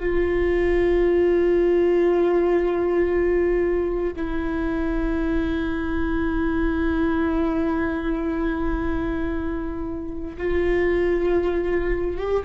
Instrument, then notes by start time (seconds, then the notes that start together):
viola
0.00 F4
4.17 E4
10.38 F4
12.18 G4